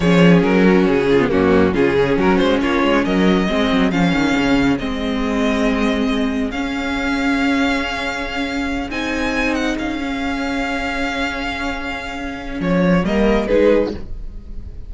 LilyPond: <<
  \new Staff \with { instrumentName = "violin" } { \time 4/4 \tempo 4 = 138 cis''4 ais'4 gis'4 fis'4 | gis'4 ais'8 c''8 cis''4 dis''4~ | dis''4 f''2 dis''4~ | dis''2. f''4~ |
f''1~ | f''8 gis''4. fis''8 f''4.~ | f''1~ | f''4 cis''4 dis''4 b'4 | }
  \new Staff \with { instrumentName = "violin" } { \time 4/4 gis'4. fis'4 f'8 cis'4 | f'8 gis'8 fis'4 f'4 ais'4 | gis'1~ | gis'1~ |
gis'1~ | gis'1~ | gis'1~ | gis'2 ais'4 gis'4 | }
  \new Staff \with { instrumentName = "viola" } { \time 4/4 cis'2~ cis'8. b16 ais4 | cis'1 | c'4 cis'2 c'4~ | c'2. cis'4~ |
cis'1~ | cis'8 dis'2~ dis'8 cis'4~ | cis'1~ | cis'2 ais4 dis'4 | }
  \new Staff \with { instrumentName = "cello" } { \time 4/4 f4 fis4 cis4 fis,4 | cis4 fis8 gis8 ais8 gis8 fis4 | gis8 fis8 f8 dis8 cis4 gis4~ | gis2. cis'4~ |
cis'1~ | cis'8 c'2 cis'4.~ | cis'1~ | cis'4 f4 g4 gis4 | }
>>